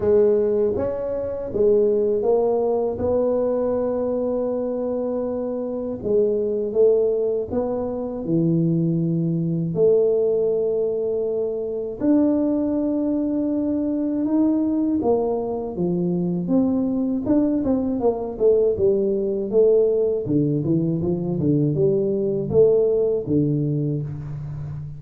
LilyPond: \new Staff \with { instrumentName = "tuba" } { \time 4/4 \tempo 4 = 80 gis4 cis'4 gis4 ais4 | b1 | gis4 a4 b4 e4~ | e4 a2. |
d'2. dis'4 | ais4 f4 c'4 d'8 c'8 | ais8 a8 g4 a4 d8 e8 | f8 d8 g4 a4 d4 | }